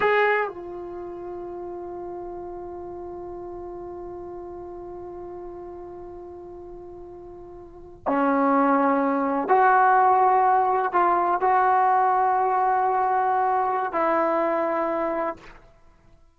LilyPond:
\new Staff \with { instrumentName = "trombone" } { \time 4/4 \tempo 4 = 125 gis'4 f'2.~ | f'1~ | f'1~ | f'1~ |
f'8. cis'2. fis'16~ | fis'2~ fis'8. f'4 fis'16~ | fis'1~ | fis'4 e'2. | }